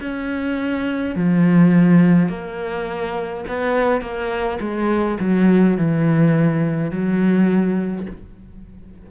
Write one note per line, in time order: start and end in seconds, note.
0.00 1.15 C#4
1.15 2.29 F3
2.29 3.44 A#3
3.48 4.01 B3
4.01 4.59 A#3
4.60 5.18 G#3
5.20 5.77 F#3
5.77 6.91 E3
6.91 8.06 F#3